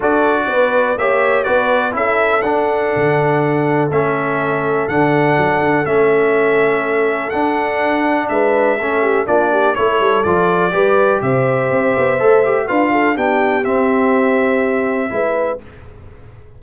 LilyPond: <<
  \new Staff \with { instrumentName = "trumpet" } { \time 4/4 \tempo 4 = 123 d''2 e''4 d''4 | e''4 fis''2. | e''2 fis''2 | e''2. fis''4~ |
fis''4 e''2 d''4 | cis''4 d''2 e''4~ | e''2 f''4 g''4 | e''1 | }
  \new Staff \with { instrumentName = "horn" } { \time 4/4 a'4 b'4 cis''4 b'4 | a'1~ | a'1~ | a'1~ |
a'4 b'4 a'8 g'8 f'8 g'8 | a'2 b'4 c''4~ | c''2 b'8 a'8 g'4~ | g'2. b'4 | }
  \new Staff \with { instrumentName = "trombone" } { \time 4/4 fis'2 g'4 fis'4 | e'4 d'2. | cis'2 d'2 | cis'2. d'4~ |
d'2 cis'4 d'4 | e'4 f'4 g'2~ | g'4 a'8 g'8 f'4 d'4 | c'2. e'4 | }
  \new Staff \with { instrumentName = "tuba" } { \time 4/4 d'4 b4 ais4 b4 | cis'4 d'4 d2 | a2 d4 fis8 d8 | a2. d'4~ |
d'4 gis4 a4 ais4 | a8 g8 f4 g4 c4 | c'8 b8 a4 d'4 b4 | c'2. gis4 | }
>>